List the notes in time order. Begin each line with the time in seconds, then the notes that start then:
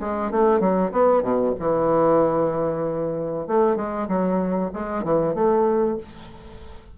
0.00 G#3
0.32 A3
0.60 F#3
0.92 B3
1.23 B2
1.59 E3
3.47 A3
3.76 G#3
4.08 F#3
4.73 G#3
5.04 E3
5.35 A3